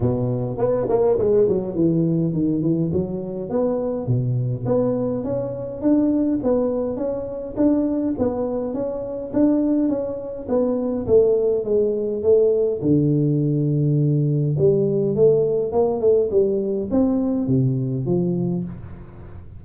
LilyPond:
\new Staff \with { instrumentName = "tuba" } { \time 4/4 \tempo 4 = 103 b,4 b8 ais8 gis8 fis8 e4 | dis8 e8 fis4 b4 b,4 | b4 cis'4 d'4 b4 | cis'4 d'4 b4 cis'4 |
d'4 cis'4 b4 a4 | gis4 a4 d2~ | d4 g4 a4 ais8 a8 | g4 c'4 c4 f4 | }